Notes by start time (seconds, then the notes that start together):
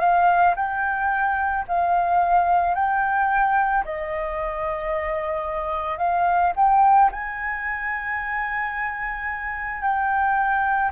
0.00 F5
0.56 G5
1.68 F5
2.75 G5
3.85 D#5
5.98 F5
6.56 G5
7.12 G#5
9.82 G5